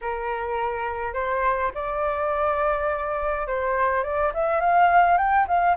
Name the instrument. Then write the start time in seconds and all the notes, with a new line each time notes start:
flute
0.01 A#4
1.13 C5
1.74 D5
3.47 C5
4.03 D5
4.34 E5
4.60 F5
5.17 G5
5.47 F5